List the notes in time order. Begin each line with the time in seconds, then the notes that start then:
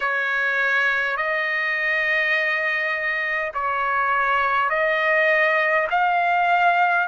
0.00 C#5
1.17 D#5
3.53 C#5
4.70 D#5
5.90 F5